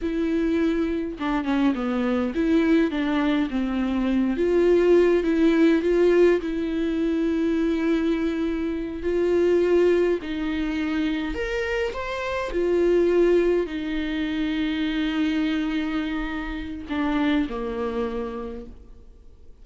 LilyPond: \new Staff \with { instrumentName = "viola" } { \time 4/4 \tempo 4 = 103 e'2 d'8 cis'8 b4 | e'4 d'4 c'4. f'8~ | f'4 e'4 f'4 e'4~ | e'2.~ e'8 f'8~ |
f'4. dis'2 ais'8~ | ais'8 c''4 f'2 dis'8~ | dis'1~ | dis'4 d'4 ais2 | }